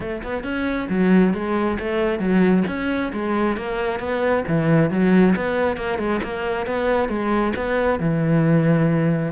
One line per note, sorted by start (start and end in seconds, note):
0.00 0.22 A3
0.23 0.43 B3
0.43 0.87 C#4
0.89 1.33 F#3
1.33 1.78 G#3
1.79 2.19 A3
2.19 2.63 F#3
2.67 3.12 C#4
3.12 3.56 G#3
3.56 3.99 A#3
3.99 4.44 B3
4.47 4.90 E3
4.90 5.34 F#3
5.36 5.76 B3
5.76 5.98 A#3
5.98 6.20 G#3
6.23 6.66 A#3
6.66 7.08 B3
7.08 7.53 G#3
7.56 7.99 B3
7.99 9.32 E3